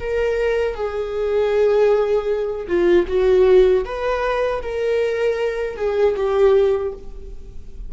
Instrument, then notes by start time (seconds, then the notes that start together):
viola
0.00 A#4
0.75 G#4
2.68 F4
3.08 F#4
3.85 B4
4.62 A#4
5.77 G#4
6.16 G4